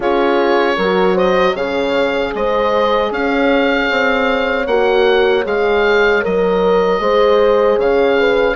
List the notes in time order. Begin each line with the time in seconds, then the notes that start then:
0.00 C#4 F4 G#4 C#5
0.76 F#3 F#4 A#4
1.14 C5 D#5
1.54 C#3 G#4 C#5 F5
2.34 G#3 C5 D#5
3.11 C#4 C#5 F5
3.90 C4
4.66 A#3 F#4 F#5
5.44 G#3 G#4 F5
6.22 F#3 A#4 D#5
6.99 G#3 G#4 C5
7.77 C#3 C#5 F5
8.19 B4